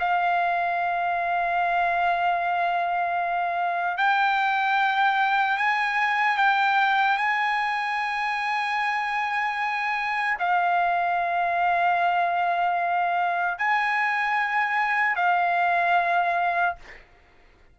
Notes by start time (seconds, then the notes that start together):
0.00 F5
3.98 G5
5.58 G#5
6.38 G5
7.18 G#5
10.40 F5
13.59 G#5
15.16 F5